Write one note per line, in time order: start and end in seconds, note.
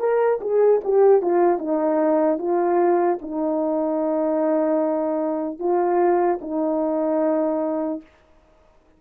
0.00 0.40 A#4
0.41 0.81 G#4
0.84 1.22 G4
1.22 1.59 F4
1.59 2.39 D#4
2.39 3.19 F4
3.22 5.59 D#4
5.59 6.39 F4
6.41 8.01 D#4